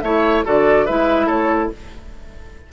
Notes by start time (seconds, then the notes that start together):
0.00 A3 E4 C#5 E5
0.44 D3 F#4 A4 D5
0.85 G#3 E4 B4 E5
1.26 A3 A4 C#5